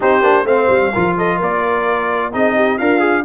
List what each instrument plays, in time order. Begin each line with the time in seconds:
0.00 tuba C4, trombone D#4, horn G4, trumpet C5
0.21 tuba A#3, trombone D4
0.44 tuba A3, trombone C4, horn C5, trumpet F5
0.68 tuba G3
0.93 tuba F3, trombone F4, horn A#4
1.17 horn A4, trumpet D#5
1.36 tuba A#3, horn A#4
1.42 trumpet D5
2.32 tuba C4, trombone D#4, horn G#4, trumpet D#5
2.55 horn G4
2.77 tuba D4, horn F4, trombone A#4, trumpet F5
2.99 trombone G#4